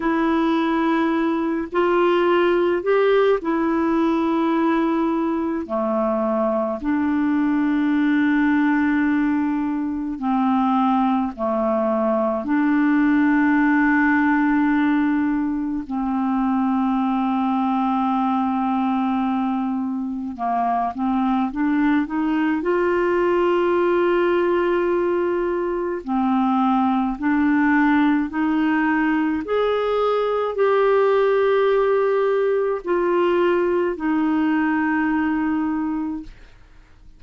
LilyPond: \new Staff \with { instrumentName = "clarinet" } { \time 4/4 \tempo 4 = 53 e'4. f'4 g'8 e'4~ | e'4 a4 d'2~ | d'4 c'4 a4 d'4~ | d'2 c'2~ |
c'2 ais8 c'8 d'8 dis'8 | f'2. c'4 | d'4 dis'4 gis'4 g'4~ | g'4 f'4 dis'2 | }